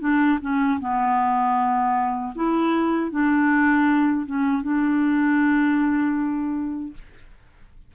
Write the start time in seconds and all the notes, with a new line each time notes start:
0.00 D4
0.41 C#4
0.80 B3
2.35 E4
3.11 D4
4.26 C#4
4.62 D4